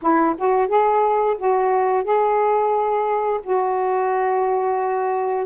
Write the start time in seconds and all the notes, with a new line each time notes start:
0.02 E4
0.38 F#4
0.68 G#4
1.38 F#4
2.04 G#4
3.43 F#4